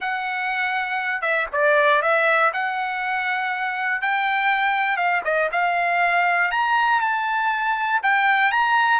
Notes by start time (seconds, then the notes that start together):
0.00 F#5
1.21 E5
1.52 D5
2.02 E5
2.53 F#5
4.01 G5
4.96 F5
5.24 D#5
5.52 F5
6.51 A#5
7.00 A5
8.03 G5
8.51 A#5